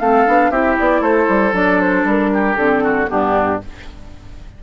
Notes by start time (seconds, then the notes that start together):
0.00 A3 C4 A4 F5
0.27 B3 D4
0.50 C4 E4 G4 E5
0.79 B3 D5
1.01 A3 A4 C5
1.29 G3
1.52 F#3 D4 D5
1.80 C5
2.04 G3 A#4
2.34 G4
2.56 D3 C4 A4
2.84 F#4
3.07 G2 B3 D4 G4